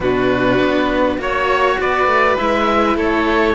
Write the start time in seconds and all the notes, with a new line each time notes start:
0.00 B2 D4 F#4 B4
0.59 B3
1.18 A#3 F#4 C#5
1.79 B3 B4 D5
2.06 A3
2.37 G#3 E4 E5
2.96 A3 A4 C#5